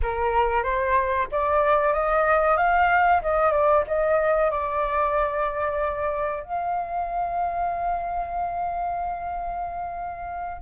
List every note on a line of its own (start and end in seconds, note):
0.02 0.63 A#4
0.63 1.27 C5
1.31 1.93 D5
1.93 2.57 D#5
2.57 3.21 F5
3.22 3.51 D#5
3.51 3.84 D5
3.87 4.50 D#5
4.50 6.43 D5
6.43 10.61 F5